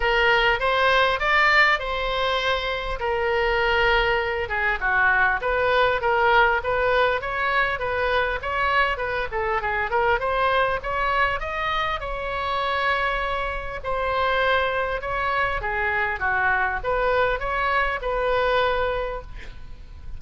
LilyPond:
\new Staff \with { instrumentName = "oboe" } { \time 4/4 \tempo 4 = 100 ais'4 c''4 d''4 c''4~ | c''4 ais'2~ ais'8 gis'8 | fis'4 b'4 ais'4 b'4 | cis''4 b'4 cis''4 b'8 a'8 |
gis'8 ais'8 c''4 cis''4 dis''4 | cis''2. c''4~ | c''4 cis''4 gis'4 fis'4 | b'4 cis''4 b'2 | }